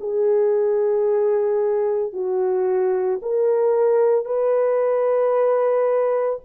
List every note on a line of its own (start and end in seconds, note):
0.00 2.13 G#4
2.13 3.20 F#4
3.22 4.25 A#4
4.25 6.39 B4